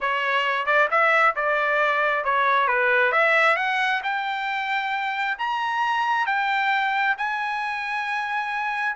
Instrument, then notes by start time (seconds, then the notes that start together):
trumpet
0.00 C#5
0.66 D5
0.90 E5
1.35 D5
2.24 C#5
2.67 B4
3.12 E5
3.56 F#5
4.03 G5
5.38 A#5
6.26 G5
7.17 G#5